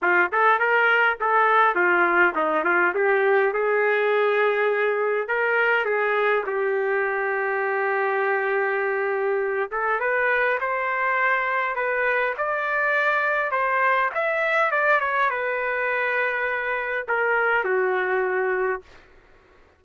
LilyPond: \new Staff \with { instrumentName = "trumpet" } { \time 4/4 \tempo 4 = 102 f'8 a'8 ais'4 a'4 f'4 | dis'8 f'8 g'4 gis'2~ | gis'4 ais'4 gis'4 g'4~ | g'1~ |
g'8 a'8 b'4 c''2 | b'4 d''2 c''4 | e''4 d''8 cis''8 b'2~ | b'4 ais'4 fis'2 | }